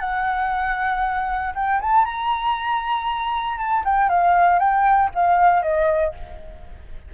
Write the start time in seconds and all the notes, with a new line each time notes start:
0.00 F#5
1.55 G5
1.81 A5
2.05 A#5
3.58 A5
3.85 G5
4.09 F5
4.59 G5
5.15 F5
5.63 D#5